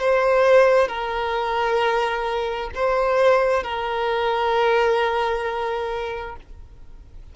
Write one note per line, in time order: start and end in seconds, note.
0.00 0.88 C5
0.88 2.70 A#4
2.75 3.64 C5
3.64 6.36 A#4